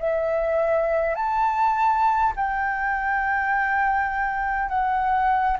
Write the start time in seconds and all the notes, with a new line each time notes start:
0.00 E5
1.16 A5
2.36 G5
4.70 F#5